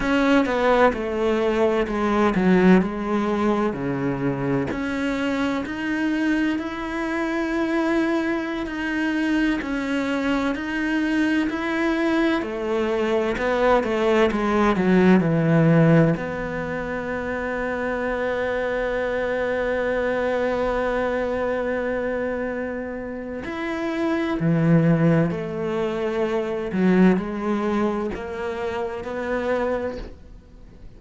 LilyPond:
\new Staff \with { instrumentName = "cello" } { \time 4/4 \tempo 4 = 64 cis'8 b8 a4 gis8 fis8 gis4 | cis4 cis'4 dis'4 e'4~ | e'4~ e'16 dis'4 cis'4 dis'8.~ | dis'16 e'4 a4 b8 a8 gis8 fis16~ |
fis16 e4 b2~ b8.~ | b1~ | b4 e'4 e4 a4~ | a8 fis8 gis4 ais4 b4 | }